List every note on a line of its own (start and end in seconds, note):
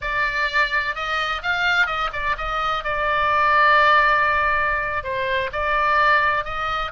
0.01 0.95 D5
0.95 1.41 D#5
1.42 1.86 F5
1.86 2.09 D#5
2.12 2.36 D5
2.37 2.84 D#5
2.84 5.03 D5
5.03 5.50 C5
5.52 6.44 D5
6.44 6.91 D#5